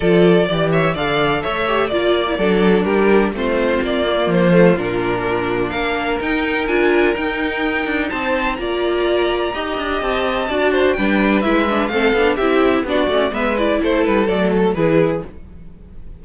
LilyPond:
<<
  \new Staff \with { instrumentName = "violin" } { \time 4/4 \tempo 4 = 126 d''4. e''8 f''4 e''4 | d''2 ais'4 c''4 | d''4 c''4 ais'2 | f''4 g''4 gis''4 g''4~ |
g''4 a''4 ais''2~ | ais''4 a''2 g''4 | e''4 f''4 e''4 d''4 | e''8 d''8 c''8 b'8 d''8 a'8 b'4 | }
  \new Staff \with { instrumentName = "violin" } { \time 4/4 a'4 d''8 cis''8 d''4 cis''4 | d''4 a'4 g'4 f'4~ | f'1 | ais'1~ |
ais'4 c''4 d''2 | dis''2 d''8 c''8 b'4~ | b'4 a'4 g'4 fis'4 | b'4 a'2 gis'4 | }
  \new Staff \with { instrumentName = "viola" } { \time 4/4 f'4 g'4 a'4. g'8 | f'8. e'16 d'2 c'4~ | c'8 ais4 a8 d'2~ | d'4 dis'4 f'4 dis'4~ |
dis'2 f'2 | g'2 fis'4 d'4 | e'8 d'8 c'8 d'8 e'4 d'8 cis'8 | b8 e'4. a4 e'4 | }
  \new Staff \with { instrumentName = "cello" } { \time 4/4 f4 e4 d4 a4 | ais4 fis4 g4 a4 | ais4 f4 ais,2 | ais4 dis'4 d'4 dis'4~ |
dis'8 d'8 c'4 ais2 | dis'8 d'8 c'4 d'4 g4 | gis4 a8 b8 c'4 b8 a8 | gis4 a8 g8 fis4 e4 | }
>>